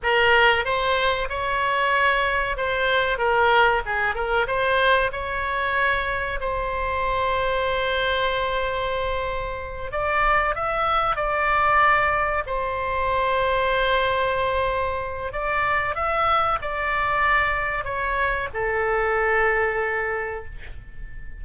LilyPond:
\new Staff \with { instrumentName = "oboe" } { \time 4/4 \tempo 4 = 94 ais'4 c''4 cis''2 | c''4 ais'4 gis'8 ais'8 c''4 | cis''2 c''2~ | c''2.~ c''8 d''8~ |
d''8 e''4 d''2 c''8~ | c''1 | d''4 e''4 d''2 | cis''4 a'2. | }